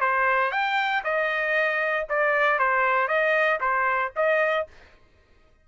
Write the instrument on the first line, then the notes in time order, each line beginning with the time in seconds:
trumpet
0.00 C5
0.51 G5
1.04 D#5
2.09 D5
2.59 C5
3.08 D#5
3.60 C5
4.16 D#5